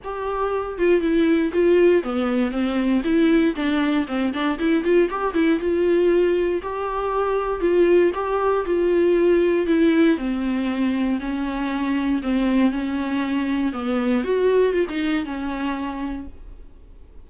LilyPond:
\new Staff \with { instrumentName = "viola" } { \time 4/4 \tempo 4 = 118 g'4. f'8 e'4 f'4 | b4 c'4 e'4 d'4 | c'8 d'8 e'8 f'8 g'8 e'8 f'4~ | f'4 g'2 f'4 |
g'4 f'2 e'4 | c'2 cis'2 | c'4 cis'2 b4 | fis'4 f'16 dis'8. cis'2 | }